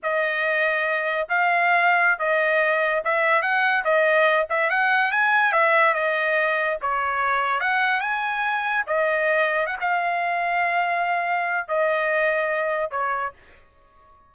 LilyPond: \new Staff \with { instrumentName = "trumpet" } { \time 4/4 \tempo 4 = 144 dis''2. f''4~ | f''4~ f''16 dis''2 e''8.~ | e''16 fis''4 dis''4. e''8 fis''8.~ | fis''16 gis''4 e''4 dis''4.~ dis''16~ |
dis''16 cis''2 fis''4 gis''8.~ | gis''4~ gis''16 dis''2 fis''16 f''8~ | f''1 | dis''2. cis''4 | }